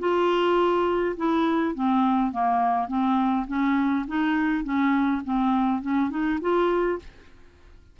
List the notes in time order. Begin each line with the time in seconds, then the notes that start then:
0.00 F4
1.17 E4
1.75 C4
2.32 A#3
2.88 C4
3.48 C#4
4.08 D#4
4.64 C#4
5.25 C4
5.82 C#4
6.11 D#4
6.41 F4